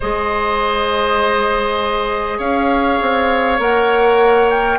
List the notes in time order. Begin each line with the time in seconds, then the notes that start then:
0.00 G#3 G#4 C5 D#5
2.38 C#4 C#5 F5
3.01 C4
3.58 A#3 A#4 F#5
4.50 G5